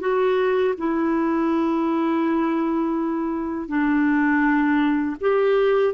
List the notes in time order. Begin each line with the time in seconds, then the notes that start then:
0.00 F#4
0.77 E4
3.68 D4
5.20 G4